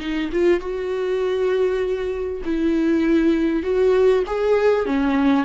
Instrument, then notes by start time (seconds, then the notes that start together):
viola
0.00 D#4
0.33 F4
0.61 F#4
2.46 E4
3.63 F#4
4.27 G#4
4.87 C#4